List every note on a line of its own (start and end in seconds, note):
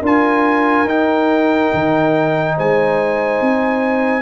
0.00 0.85 D4
0.00 0.87 F4
0.00 2.54 A#4
0.07 0.89 G#5
0.85 1.69 D#4
0.85 4.22 D#4
0.85 2.58 G5
1.74 2.58 D#3
2.56 3.41 G#3
2.56 4.22 C5
2.56 4.22 G#5
3.41 4.22 C4